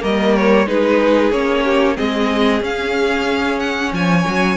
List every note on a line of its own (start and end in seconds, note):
0.00 0.67 G3
0.00 0.65 A#3
0.00 0.68 A#4
0.00 0.36 D#5
0.36 0.68 C#5
0.67 1.32 G#3
0.67 1.32 D#4
0.67 1.65 G#4
0.67 1.32 B4
1.32 1.97 A#3
1.32 1.96 C#4
1.32 1.97 C#5
1.65 1.97 G4
1.96 2.61 G#3
1.96 2.61 C4
1.96 3.92 G#4
1.96 2.62 D#5
2.61 3.91 C#4
2.61 4.57 C#4
2.61 3.60 F5
3.60 3.93 F#5
3.92 4.25 F3
3.92 4.57 C#5
3.92 4.57 G#5
4.27 4.57 F#3